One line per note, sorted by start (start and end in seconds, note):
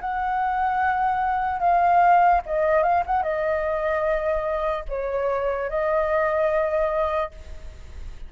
0.00 1.60 F#5
1.60 2.41 F5
2.45 2.83 D#5
2.83 3.03 F5
3.06 3.22 F#5
3.22 4.85 D#5
4.89 5.69 C#5
5.69 7.31 D#5